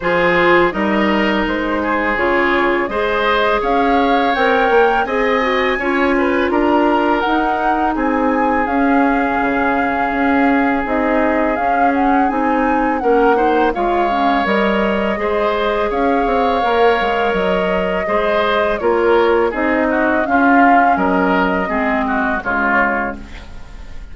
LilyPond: <<
  \new Staff \with { instrumentName = "flute" } { \time 4/4 \tempo 4 = 83 c''4 dis''4 c''4 cis''4 | dis''4 f''4 g''4 gis''4~ | gis''4 ais''4 fis''4 gis''4 | f''2. dis''4 |
f''8 fis''8 gis''4 fis''4 f''4 | dis''2 f''2 | dis''2 cis''4 dis''4 | f''4 dis''2 cis''4 | }
  \new Staff \with { instrumentName = "oboe" } { \time 4/4 gis'4 ais'4. gis'4. | c''4 cis''2 dis''4 | cis''8 b'8 ais'2 gis'4~ | gis'1~ |
gis'2 ais'8 c''8 cis''4~ | cis''4 c''4 cis''2~ | cis''4 c''4 ais'4 gis'8 fis'8 | f'4 ais'4 gis'8 fis'8 f'4 | }
  \new Staff \with { instrumentName = "clarinet" } { \time 4/4 f'4 dis'2 f'4 | gis'2 ais'4 gis'8 fis'8 | f'2 dis'2 | cis'2. dis'4 |
cis'4 dis'4 cis'8 dis'8 f'8 cis'8 | ais'4 gis'2 ais'4~ | ais'4 gis'4 f'4 dis'4 | cis'2 c'4 gis4 | }
  \new Staff \with { instrumentName = "bassoon" } { \time 4/4 f4 g4 gis4 cis4 | gis4 cis'4 c'8 ais8 c'4 | cis'4 d'4 dis'4 c'4 | cis'4 cis4 cis'4 c'4 |
cis'4 c'4 ais4 gis4 | g4 gis4 cis'8 c'8 ais8 gis8 | fis4 gis4 ais4 c'4 | cis'4 fis4 gis4 cis4 | }
>>